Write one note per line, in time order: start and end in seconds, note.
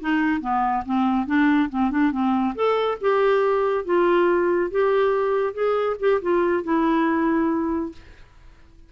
0.00 0.41 D#4
0.41 0.84 B3
0.85 1.26 C4
1.26 1.69 D4
1.69 1.91 C4
1.91 2.12 D4
2.12 2.54 C4
2.55 2.98 A4
3.01 3.85 G4
3.85 4.70 F4
4.71 5.53 G4
5.53 5.96 G#4
6.00 6.21 G4
6.21 6.64 F4
6.64 7.92 E4